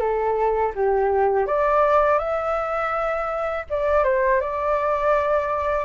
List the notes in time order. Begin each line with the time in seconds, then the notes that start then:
0.00 A4
0.75 G4
1.47 D5
2.19 E5
3.70 D5
4.04 C5
4.41 D5